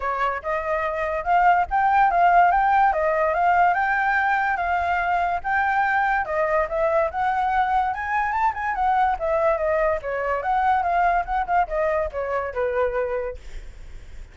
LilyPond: \new Staff \with { instrumentName = "flute" } { \time 4/4 \tempo 4 = 144 cis''4 dis''2 f''4 | g''4 f''4 g''4 dis''4 | f''4 g''2 f''4~ | f''4 g''2 dis''4 |
e''4 fis''2 gis''4 | a''8 gis''8 fis''4 e''4 dis''4 | cis''4 fis''4 f''4 fis''8 f''8 | dis''4 cis''4 b'2 | }